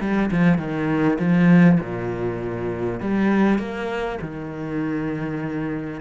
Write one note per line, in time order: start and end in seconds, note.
0.00 0.30 G3
0.31 0.58 F3
0.58 1.18 D#3
1.19 1.79 F3
1.80 3.00 A#2
3.00 3.59 G3
3.59 4.19 A#3
4.22 6.01 D#3